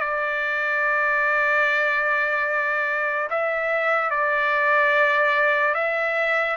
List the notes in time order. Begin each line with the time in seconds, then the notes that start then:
0.00 D5
3.30 E5
4.10 D5
5.74 E5